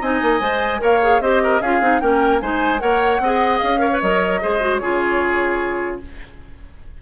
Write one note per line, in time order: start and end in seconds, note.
0.00 0.20 C4
0.00 0.40 D#4
0.00 0.80 D#5
0.00 0.82 G#5
0.22 0.40 A#3
0.40 0.80 G#3
0.40 0.79 C5
0.79 1.20 A#3
0.79 0.99 A#4
0.79 1.22 C#5
0.79 1.21 F5
1.02 1.22 G#4
1.20 1.60 C4
1.20 1.62 G4
1.20 1.42 C5
1.20 1.61 D#5
1.43 1.61 A#4
1.61 1.80 C#4
1.61 1.81 F4
1.61 2.01 G#4
1.61 2.00 F5
1.80 2.00 C4
1.80 2.00 D#4
2.00 2.41 A#3
2.00 2.40 C#4
2.00 2.41 A#4
2.00 2.40 G5
2.40 2.81 G#3
2.40 2.78 D#4
2.40 2.81 C5
2.40 2.79 G#5
2.78 3.19 A#3
2.78 3.18 A#4
2.78 3.21 C#5
2.78 3.58 F#5
3.19 3.59 C4
3.19 3.78 G#4
3.19 3.80 D#5
3.58 4.02 C#4
3.58 3.98 F5
3.78 3.88 A#4
3.78 4.40 C#5
3.92 4.02 B4
4.00 4.42 F#3
4.00 4.41 A#4
4.00 4.77 D#5
4.41 4.81 G#3
4.41 4.60 G#4
4.41 4.81 C5
4.60 4.80 F#4
4.77 6.01 C#3
4.77 6.01 F4
4.77 6.01 G#4
4.77 5.97 C#5